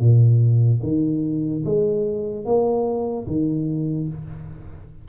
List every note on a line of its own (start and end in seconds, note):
0.00 0.81 A#2
0.83 1.64 D#3
1.65 2.45 G#3
2.45 3.27 A#3
3.27 4.08 D#3